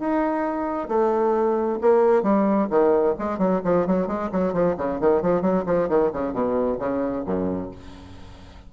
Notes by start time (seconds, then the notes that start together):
0.00 D#4
0.89 A3
1.82 A#3
2.23 G3
2.70 D#3
3.19 G#3
3.39 F#3
3.65 F3
3.87 F#3
4.08 G#3
4.32 F#3
4.53 F3
4.78 C#3
5.01 D#3
5.22 F3
5.42 F#3
5.66 F3
5.89 D#3
6.13 C#3
6.34 B2
6.80 C#3
7.26 F#2